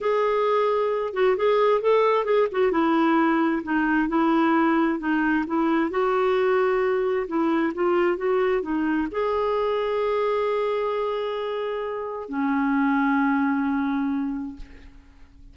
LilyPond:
\new Staff \with { instrumentName = "clarinet" } { \time 4/4 \tempo 4 = 132 gis'2~ gis'8 fis'8 gis'4 | a'4 gis'8 fis'8 e'2 | dis'4 e'2 dis'4 | e'4 fis'2. |
e'4 f'4 fis'4 dis'4 | gis'1~ | gis'2. cis'4~ | cis'1 | }